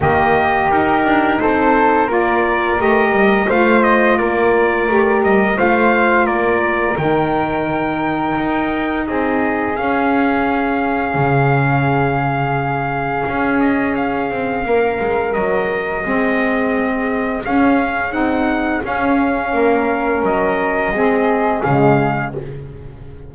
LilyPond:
<<
  \new Staff \with { instrumentName = "trumpet" } { \time 4/4 \tempo 4 = 86 dis''4 ais'4 c''4 d''4 | dis''4 f''8 dis''8 d''4. dis''8 | f''4 d''4 g''2~ | g''4 dis''4 f''2~ |
f''2.~ f''8 dis''8 | f''2 dis''2~ | dis''4 f''4 fis''4 f''4~ | f''4 dis''2 f''4 | }
  \new Staff \with { instrumentName = "flute" } { \time 4/4 g'2 a'4 ais'4~ | ais'4 c''4 ais'2 | c''4 ais'2.~ | ais'4 gis'2.~ |
gis'1~ | gis'4 ais'2 gis'4~ | gis'1 | ais'2 gis'2 | }
  \new Staff \with { instrumentName = "saxophone" } { \time 4/4 ais4 dis'2 f'4 | g'4 f'2 g'4 | f'2 dis'2~ | dis'2 cis'2~ |
cis'1~ | cis'2. c'4~ | c'4 cis'4 dis'4 cis'4~ | cis'2 c'4 gis4 | }
  \new Staff \with { instrumentName = "double bass" } { \time 4/4 dis4 dis'8 d'8 c'4 ais4 | a8 g8 a4 ais4 a8 g8 | a4 ais4 dis2 | dis'4 c'4 cis'2 |
cis2. cis'4~ | cis'8 c'8 ais8 gis8 fis4 gis4~ | gis4 cis'4 c'4 cis'4 | ais4 fis4 gis4 cis4 | }
>>